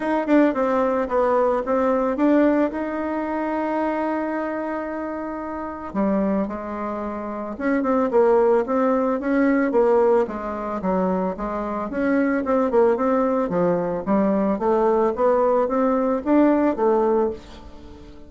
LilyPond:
\new Staff \with { instrumentName = "bassoon" } { \time 4/4 \tempo 4 = 111 dis'8 d'8 c'4 b4 c'4 | d'4 dis'2.~ | dis'2. g4 | gis2 cis'8 c'8 ais4 |
c'4 cis'4 ais4 gis4 | fis4 gis4 cis'4 c'8 ais8 | c'4 f4 g4 a4 | b4 c'4 d'4 a4 | }